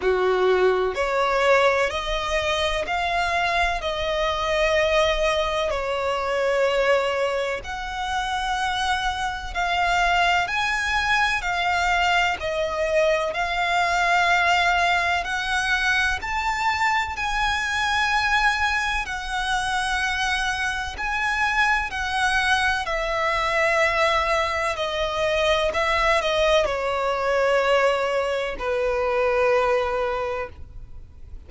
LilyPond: \new Staff \with { instrumentName = "violin" } { \time 4/4 \tempo 4 = 63 fis'4 cis''4 dis''4 f''4 | dis''2 cis''2 | fis''2 f''4 gis''4 | f''4 dis''4 f''2 |
fis''4 a''4 gis''2 | fis''2 gis''4 fis''4 | e''2 dis''4 e''8 dis''8 | cis''2 b'2 | }